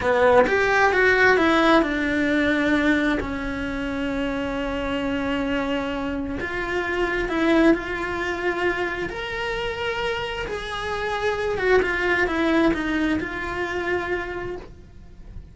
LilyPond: \new Staff \with { instrumentName = "cello" } { \time 4/4 \tempo 4 = 132 b4 g'4 fis'4 e'4 | d'2. cis'4~ | cis'1~ | cis'2 f'2 |
e'4 f'2. | ais'2. gis'4~ | gis'4. fis'8 f'4 e'4 | dis'4 f'2. | }